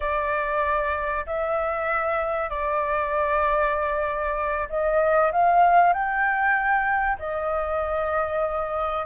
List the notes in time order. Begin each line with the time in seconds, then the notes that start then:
0.00 D5
1.26 E5
2.49 D5
4.69 D#5
5.32 F5
5.93 G5
7.18 D#5